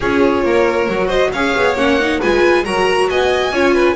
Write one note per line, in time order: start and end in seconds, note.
0.00 0.44 C#4
0.00 0.89 F4
0.00 0.42 G#4
0.00 1.08 C#5
0.44 0.87 A#3
0.44 1.07 A#4
0.87 1.32 F#3
0.87 1.33 F#4
1.07 1.29 C5
1.07 1.30 D#5
1.32 1.55 C#4
1.32 1.77 G#4
1.32 2.19 C#5
1.32 1.76 F5
1.56 1.75 B3
1.75 2.19 A#3
1.75 1.99 C#4
1.75 2.20 F#5
1.99 2.21 D#4
2.19 2.65 G#3
2.19 2.64 F4
2.19 2.64 B4
2.19 2.65 G#5
2.64 3.09 F#3
2.64 3.52 F#4
2.64 3.09 A#4
2.64 3.09 A#5
3.09 3.51 B3
3.09 3.52 D#5
3.09 3.95 G#5
3.51 3.95 C#4
3.51 3.95 F4
3.51 3.73 C#5
3.73 3.95 B4